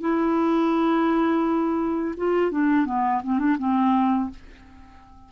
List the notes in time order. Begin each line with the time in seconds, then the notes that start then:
0.00 E4
2.17 F4
2.51 D4
2.85 B3
3.23 C4
3.39 D4
3.58 C4